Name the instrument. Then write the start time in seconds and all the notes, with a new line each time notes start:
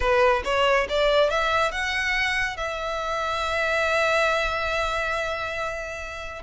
violin
0.00 B4
0.44 C#5
0.89 D5
1.30 E5
1.71 F#5
2.56 E5